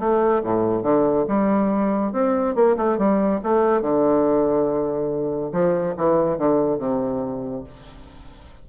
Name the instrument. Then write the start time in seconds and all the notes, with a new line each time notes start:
bassoon
0.00 A3
0.44 A2
0.83 D3
1.28 G3
2.13 C4
2.56 A#3
2.77 A3
2.98 G3
3.44 A3
3.82 D3
5.53 F3
5.97 E3
6.38 D3
6.79 C3